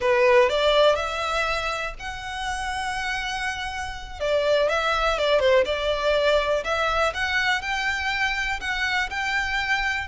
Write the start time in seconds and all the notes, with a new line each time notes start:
0.00 B4
0.49 D5
0.95 E5
1.99 F#5
4.20 D5
4.69 E5
5.18 D5
5.39 C5
5.65 D5
6.63 E5
7.14 F#5
7.61 G5
8.60 F#5
9.10 G5